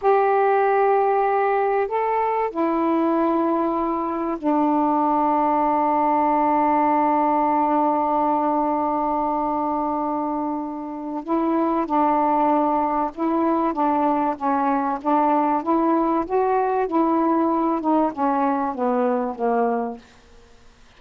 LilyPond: \new Staff \with { instrumentName = "saxophone" } { \time 4/4 \tempo 4 = 96 g'2. a'4 | e'2. d'4~ | d'1~ | d'1~ |
d'2 e'4 d'4~ | d'4 e'4 d'4 cis'4 | d'4 e'4 fis'4 e'4~ | e'8 dis'8 cis'4 b4 ais4 | }